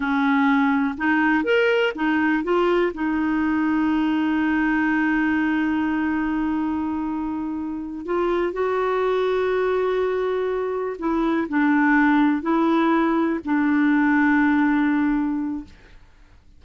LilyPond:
\new Staff \with { instrumentName = "clarinet" } { \time 4/4 \tempo 4 = 123 cis'2 dis'4 ais'4 | dis'4 f'4 dis'2~ | dis'1~ | dis'1~ |
dis'8 f'4 fis'2~ fis'8~ | fis'2~ fis'8 e'4 d'8~ | d'4. e'2 d'8~ | d'1 | }